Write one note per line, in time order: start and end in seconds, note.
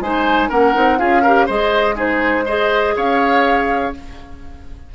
0.00 0.49 G#3
0.00 0.50 D#4
0.00 0.49 C5
0.00 0.50 G#5
0.49 0.75 A#3
0.49 0.74 C#4
0.49 0.98 A#4
0.49 0.98 F#5
0.74 1.00 C4
0.74 0.98 D#4
0.98 1.49 C#4
0.98 1.22 F4
0.98 1.22 G#4
0.98 1.47 F5
1.22 1.49 G4
1.22 1.46 A#4
1.46 2.95 G#3
1.46 1.95 G#4
1.46 1.95 C5
1.46 1.97 D#5
1.95 2.44 D#4
1.95 2.45 G#4
1.95 2.47 C5
2.45 3.94 G#4
2.45 2.94 C5
2.45 2.96 D#5
2.96 3.94 C#4
2.96 3.94 C#5
2.96 3.94 F5